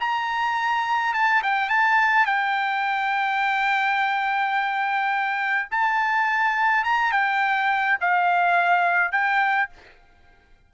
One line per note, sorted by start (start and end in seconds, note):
0.00 1.14 A#5
1.14 1.42 A5
1.43 1.69 G5
1.69 2.25 A5
2.25 5.68 G5
5.71 6.84 A5
6.84 7.12 A#5
7.12 7.97 G5
8.00 9.11 F5
9.11 9.69 G5